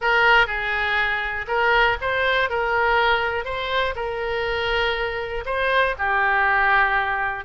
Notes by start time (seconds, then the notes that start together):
0.01 A#4
0.46 G#4
1.47 A#4
2.01 C5
2.49 A#4
3.44 C5
3.95 A#4
5.45 C5
5.98 G4